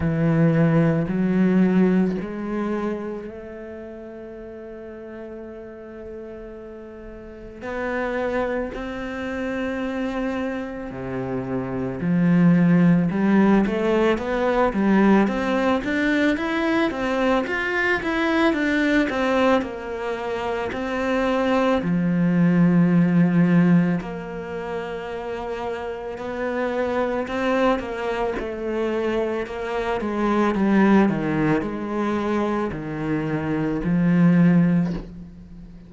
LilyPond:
\new Staff \with { instrumentName = "cello" } { \time 4/4 \tempo 4 = 55 e4 fis4 gis4 a4~ | a2. b4 | c'2 c4 f4 | g8 a8 b8 g8 c'8 d'8 e'8 c'8 |
f'8 e'8 d'8 c'8 ais4 c'4 | f2 ais2 | b4 c'8 ais8 a4 ais8 gis8 | g8 dis8 gis4 dis4 f4 | }